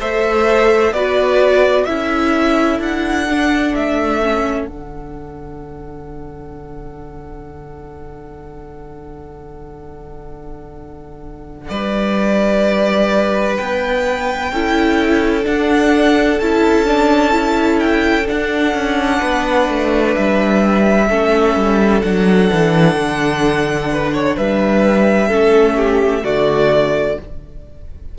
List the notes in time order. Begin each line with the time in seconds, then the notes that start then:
0.00 A3 A4 C5 E5
0.92 B3 F#4 B4 D5
1.85 C#4 E4 A4 E5
2.80 D4 F#5
3.30 D4
3.76 A3 E5
4.23 C#4
4.67 D3 D4 F#5
11.69 G3 B4 D5
13.57 B3 G5
14.52 C#4 E4 A4
15.44 D4 F#5
16.40 C#4 E4 A5
16.87 D4
17.32 E4
17.80 G5
18.26 D4 F#5
18.74 C#4
19.20 B3 B4
19.69 A3
20.15 G3 E5
21.10 A3 C#4 A4
21.57 G3
22.02 F#3 D4 F#5
22.54 E3
22.96 D3
23.92 B4
24.14 C#5
24.38 G3 B4 E5
25.28 A3 C#4 A4
25.76 G4
26.23 D3 A3 F#4 D5